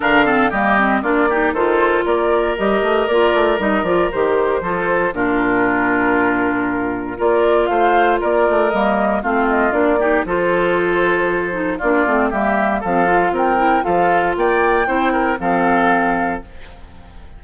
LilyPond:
<<
  \new Staff \with { instrumentName = "flute" } { \time 4/4 \tempo 4 = 117 f''4 dis''4 d''4 c''4 | d''4 dis''4 d''4 dis''8 d''8 | c''2 ais'2~ | ais'2 d''4 f''4 |
d''4 dis''4 f''8 dis''8 d''4 | c''2. d''4 | e''4 f''4 g''4 f''4 | g''2 f''2 | }
  \new Staff \with { instrumentName = "oboe" } { \time 4/4 ais'8 a'8 g'4 f'8 g'8 a'4 | ais'1~ | ais'4 a'4 f'2~ | f'2 ais'4 c''4 |
ais'2 f'4. g'8 | a'2. f'4 | g'4 a'4 ais'4 a'4 | d''4 c''8 ais'8 a'2 | }
  \new Staff \with { instrumentName = "clarinet" } { \time 4/4 d'8 c'8 ais8 c'8 d'8 dis'8 f'4~ | f'4 g'4 f'4 dis'8 f'8 | g'4 f'4 d'2~ | d'2 f'2~ |
f'4 ais4 c'4 d'8 dis'8 | f'2~ f'8 dis'8 d'8 c'8 | ais4 c'8 f'4 e'8 f'4~ | f'4 e'4 c'2 | }
  \new Staff \with { instrumentName = "bassoon" } { \time 4/4 d4 g4 ais4 dis4 | ais4 g8 a8 ais8 a8 g8 f8 | dis4 f4 ais,2~ | ais,2 ais4 a4 |
ais8 a8 g4 a4 ais4 | f2. ais8 a8 | g4 f4 c'4 f4 | ais4 c'4 f2 | }
>>